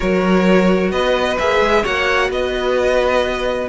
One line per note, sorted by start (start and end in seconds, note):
0.00 0.91 F#3
0.00 1.37 F#4
0.00 0.91 A#4
0.00 0.91 C#5
0.91 1.37 B3
0.91 1.82 B4
0.91 1.37 D#5
1.38 1.60 A#3
1.38 1.84 G#4
1.38 1.84 E5
1.60 1.83 G#3
1.82 2.29 A#3
1.82 3.68 F#4
1.82 2.28 C#5
1.82 2.30 F#5
2.29 3.68 B3
2.29 3.68 B4
2.29 3.68 D#5